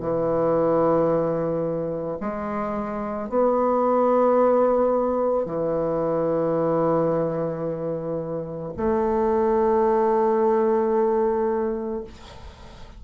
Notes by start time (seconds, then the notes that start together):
0.00 E3
2.21 G#3
3.29 B3
5.46 E3
8.77 A3